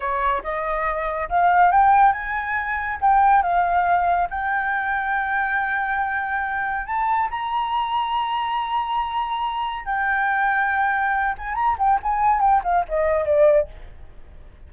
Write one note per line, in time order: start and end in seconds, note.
0.00 0.41 C#5
0.43 1.29 D#5
1.29 1.71 F5
1.71 2.12 G5
2.12 2.98 G#5
3.01 3.42 G5
3.42 4.28 F5
4.30 6.86 G5
6.86 7.29 A5
7.30 9.85 A#5
9.85 11.35 G5
11.38 11.54 G#5
11.54 11.76 A#5
11.78 11.99 G5
12.03 12.40 G#5
12.40 12.61 G5
12.63 12.85 F5
12.88 13.25 D#5
13.25 13.68 D5